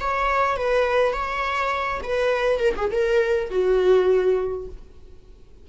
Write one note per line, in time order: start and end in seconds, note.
0.00 0.57 C#5
0.57 1.13 B4
1.13 2.01 C#5
2.03 2.60 B4
2.60 2.74 A#4
2.76 2.91 G#4
2.91 3.50 A#4
3.50 4.68 F#4